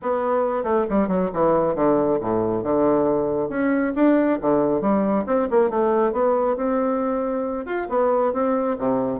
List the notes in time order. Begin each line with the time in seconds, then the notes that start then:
0.02 B3
0.63 A3
0.89 G3
1.08 F#3
1.33 E3
1.75 D3
2.20 A2
2.63 D3
3.49 C#4
3.95 D4
4.41 D3
4.81 G3
5.26 C4
5.50 A#3
5.70 A3
6.12 B3
6.56 C4
7.65 F4
7.89 B3
8.33 C4
8.78 C3